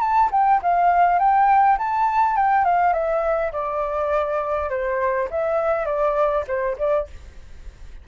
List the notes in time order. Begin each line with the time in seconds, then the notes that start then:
0.00 A5
0.31 G5
0.62 F5
1.19 G5
1.78 A5
2.36 G5
2.64 F5
2.93 E5
3.52 D5
4.69 C5
5.30 E5
5.85 D5
6.47 C5
6.78 D5